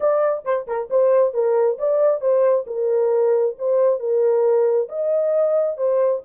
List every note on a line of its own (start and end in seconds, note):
0.00 0.43 D5
0.44 0.66 C5
0.67 0.89 A#4
0.90 1.33 C5
1.33 1.78 A#4
1.78 2.20 D5
2.20 2.65 C5
2.66 3.55 A#4
3.58 3.99 C5
3.99 4.88 A#4
4.88 5.77 D#5
5.77 6.21 C5